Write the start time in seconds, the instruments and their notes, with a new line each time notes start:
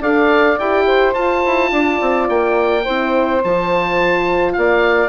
0.00 bassoon D4, horn A4, saxophone D5, oboe F5
0.59 bassoon E4, horn G4, oboe G5
0.86 saxophone C5
1.14 horn F4, bassoon F4, oboe A5
1.46 bassoon E4
1.72 bassoon D4, saxophone D5
2.01 bassoon C4
2.29 bassoon A#3, oboe G5
2.84 bassoon C4, horn E4, saxophone C5
3.44 bassoon F3, horn F4, oboe A5
4.53 bassoon A#3, saxophone D5, oboe F5